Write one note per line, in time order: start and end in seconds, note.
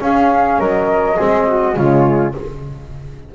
0.00 1.17 C#4
0.00 0.59 C#4
0.00 0.59 G#4
0.00 0.60 F5
0.59 1.17 F#3
0.59 1.16 A#4
0.59 1.76 D#5
1.16 1.77 G#3
1.16 1.75 C4
1.16 1.46 G#4
1.47 1.76 F#4
1.75 2.35 C#3
1.75 2.33 G#3
1.75 2.35 F4
1.75 2.34 C#5